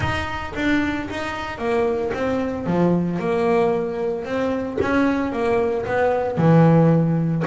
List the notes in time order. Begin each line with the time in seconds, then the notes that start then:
0.00 D#4
0.55 D4
1.10 D#4
1.58 A#3
2.14 C4
2.66 F3
3.19 A#3
4.24 C4
4.81 C#4
5.32 A#3
5.86 B3
6.37 E3